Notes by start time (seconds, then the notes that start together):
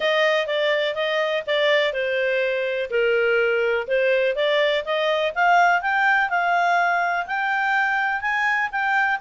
0.00 D#5
0.47 D5
0.95 D#5
1.46 D5
1.93 C5
2.90 A#4
3.87 C5
4.35 D5
4.85 D#5
5.34 F5
5.81 G5
6.29 F5
7.26 G5
8.21 G#5
8.71 G5